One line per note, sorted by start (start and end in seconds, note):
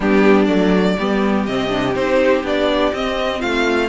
0.00 0.48 G3
0.00 0.47 B3
0.00 0.96 D4
0.00 0.45 G4
0.45 0.96 F#3
0.45 0.96 A3
0.45 1.42 D5
0.98 1.47 G3
0.98 1.48 B3
0.98 3.39 G4
1.46 1.95 C3
1.46 1.69 C4
1.46 1.94 D#5
1.69 1.93 D4
1.95 2.43 C4
1.95 2.43 D#4
1.95 2.43 C5
2.43 2.91 B3
2.43 2.92 D4
2.43 2.93 D5
2.93 3.89 C4
2.93 3.42 C4
2.93 3.41 D#5
3.39 3.89 A3
3.39 3.88 F4
3.39 3.89 F5